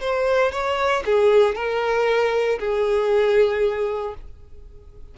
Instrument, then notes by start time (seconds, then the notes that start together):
violin
0.00 C5
0.51 C#5
1.05 G#4
1.55 A#4
2.59 G#4